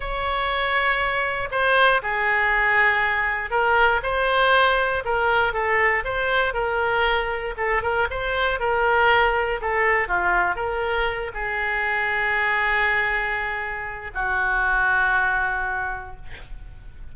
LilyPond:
\new Staff \with { instrumentName = "oboe" } { \time 4/4 \tempo 4 = 119 cis''2. c''4 | gis'2. ais'4 | c''2 ais'4 a'4 | c''4 ais'2 a'8 ais'8 |
c''4 ais'2 a'4 | f'4 ais'4. gis'4.~ | gis'1 | fis'1 | }